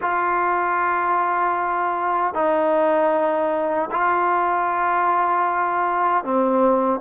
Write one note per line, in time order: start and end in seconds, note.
0.01 2.33 F4
2.33 3.89 D#4
3.91 6.24 F4
6.24 7.00 C4